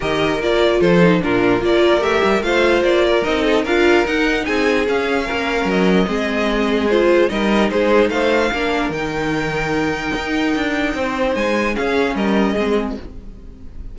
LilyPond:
<<
  \new Staff \with { instrumentName = "violin" } { \time 4/4 \tempo 4 = 148 dis''4 d''4 c''4 ais'4 | d''4 e''4 f''4 d''4 | dis''4 f''4 fis''4 gis''4 | f''2 dis''2~ |
dis''4 c''4 dis''4 c''4 | f''2 g''2~ | g''1 | gis''4 f''4 dis''2 | }
  \new Staff \with { instrumentName = "violin" } { \time 4/4 ais'2 a'4 f'4 | ais'2 c''4. ais'8~ | ais'8 a'8 ais'2 gis'4~ | gis'4 ais'2 gis'4~ |
gis'2 ais'4 gis'4 | c''4 ais'2.~ | ais'2. c''4~ | c''4 gis'4 ais'4 gis'4 | }
  \new Staff \with { instrumentName = "viola" } { \time 4/4 g'4 f'4. dis'8 d'4 | f'4 g'4 f'2 | dis'4 f'4 dis'2 | cis'2. c'4~ |
c'4 f'4 dis'2~ | dis'4 d'4 dis'2~ | dis'1~ | dis'4 cis'2 c'4 | }
  \new Staff \with { instrumentName = "cello" } { \time 4/4 dis4 ais4 f4 ais,4 | ais4 a8 g8 a4 ais4 | c'4 d'4 dis'4 c'4 | cis'4 ais4 fis4 gis4~ |
gis2 g4 gis4 | a4 ais4 dis2~ | dis4 dis'4 d'4 c'4 | gis4 cis'4 g4 gis4 | }
>>